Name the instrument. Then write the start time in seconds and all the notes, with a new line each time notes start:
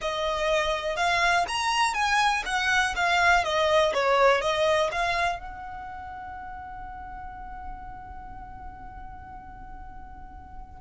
violin
0.01 D#5
0.96 F5
1.48 A#5
1.93 G#5
2.45 F#5
2.95 F5
3.44 D#5
3.93 C#5
4.41 D#5
4.91 F5
5.40 F#5